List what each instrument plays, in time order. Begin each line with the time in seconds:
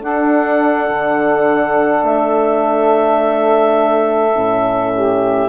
0.00 horn D4, bassoon D4, saxophone A4, clarinet F#5
0.89 bassoon D3
2.02 bassoon A3, clarinet E5
4.35 bassoon A2, horn C#4
4.94 saxophone G4